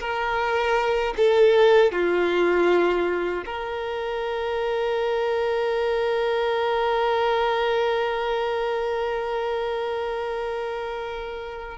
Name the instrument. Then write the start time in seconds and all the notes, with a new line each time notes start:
violin
0.00 A#4
1.17 A4
1.92 F4
3.46 A#4